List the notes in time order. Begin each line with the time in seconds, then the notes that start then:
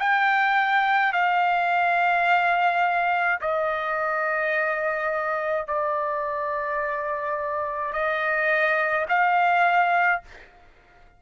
0.00 G5
1.13 F5
3.41 D#5
5.68 D5
7.93 D#5
9.09 F5